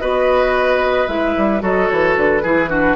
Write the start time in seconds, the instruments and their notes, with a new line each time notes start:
0.00 bassoon B3, clarinet F#4, oboe B4, flute D#5
1.08 bassoon G#3, clarinet E4, flute E5
1.37 bassoon G3
1.60 bassoon F#3, clarinet F#4, oboe A4, flute D#5
1.88 bassoon E3, flute C#5
2.17 bassoon D3, flute B4
2.43 bassoon E3, clarinet E4, oboe G#4
2.70 clarinet D4, oboe F#4